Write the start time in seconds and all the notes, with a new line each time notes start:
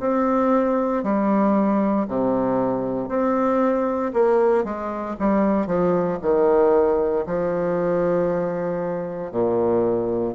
0.00 C4
1.03 G3
2.08 C3
3.09 C4
4.14 A#3
4.65 G#3
5.20 G3
5.67 F3
6.22 D#3
7.26 F3
9.32 A#2